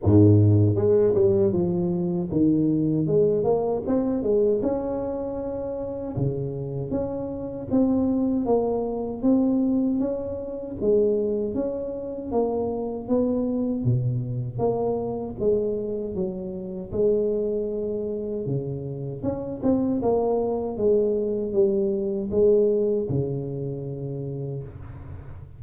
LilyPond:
\new Staff \with { instrumentName = "tuba" } { \time 4/4 \tempo 4 = 78 gis,4 gis8 g8 f4 dis4 | gis8 ais8 c'8 gis8 cis'2 | cis4 cis'4 c'4 ais4 | c'4 cis'4 gis4 cis'4 |
ais4 b4 b,4 ais4 | gis4 fis4 gis2 | cis4 cis'8 c'8 ais4 gis4 | g4 gis4 cis2 | }